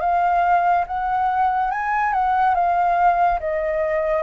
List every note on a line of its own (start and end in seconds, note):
0.00 0.85 F5
0.87 1.71 F#5
1.71 2.13 G#5
2.13 2.54 F#5
2.54 3.39 F5
3.40 4.23 D#5